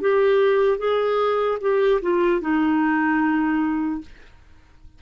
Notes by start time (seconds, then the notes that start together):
0.00 G4
0.78 G#4
1.61 G4
2.01 F4
2.41 D#4